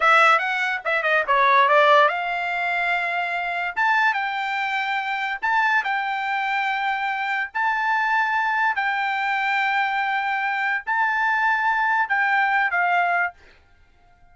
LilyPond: \new Staff \with { instrumentName = "trumpet" } { \time 4/4 \tempo 4 = 144 e''4 fis''4 e''8 dis''8 cis''4 | d''4 f''2.~ | f''4 a''4 g''2~ | g''4 a''4 g''2~ |
g''2 a''2~ | a''4 g''2.~ | g''2 a''2~ | a''4 g''4. f''4. | }